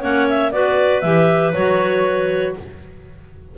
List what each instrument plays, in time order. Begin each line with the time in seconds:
0.00 double bass A#3, clarinet C#4 C#5 F#5
0.29 clarinet E5
0.51 double bass B3, clarinet F#4 B4 D5
1.00 double bass E3, clarinet G4 E5
1.53 double bass F#3, clarinet F#4 C#5